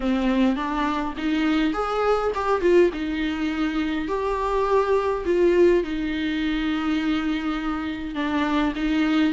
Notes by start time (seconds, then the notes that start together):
0.00 C4
0.55 D4
1.17 D#4
1.73 G#4
2.34 G4
2.61 F4
2.93 D#4
4.08 G4
5.25 F4
5.83 D#4
8.14 D4
8.75 D#4